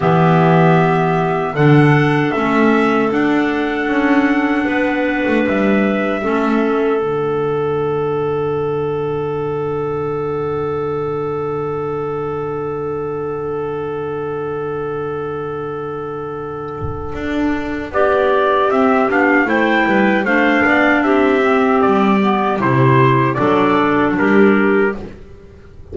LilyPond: <<
  \new Staff \with { instrumentName = "trumpet" } { \time 4/4 \tempo 4 = 77 e''2 fis''4 e''4 | fis''2. e''4~ | e''4 fis''2.~ | fis''1~ |
fis''1~ | fis''2. d''4 | e''8 f''8 g''4 f''4 e''4 | d''4 c''4 d''4 ais'4 | }
  \new Staff \with { instrumentName = "clarinet" } { \time 4/4 g'2 a'2~ | a'2 b'2 | a'1~ | a'1~ |
a'1~ | a'2. g'4~ | g'4 c''8 b'8 c''8 d''8 g'4~ | g'2 a'4 g'4 | }
  \new Staff \with { instrumentName = "clarinet" } { \time 4/4 b2 d'4 cis'4 | d'1 | cis'4 d'2.~ | d'1~ |
d'1~ | d'1 | c'8 d'8 e'4 d'4. c'8~ | c'8 b8 e'4 d'2 | }
  \new Staff \with { instrumentName = "double bass" } { \time 4/4 e2 d4 a4 | d'4 cis'4 b8. a16 g4 | a4 d2.~ | d1~ |
d1~ | d2 d'4 b4 | c'8 b8 a8 g8 a8 b8 c'4 | g4 c4 fis4 g4 | }
>>